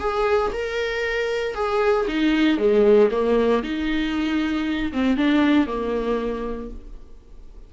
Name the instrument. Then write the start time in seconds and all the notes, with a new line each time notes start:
viola
0.00 G#4
0.53 A#4
1.55 G#4
2.08 D#4
2.58 G#3
3.11 A#3
3.63 D#4
4.93 C4
5.17 D4
5.67 A#3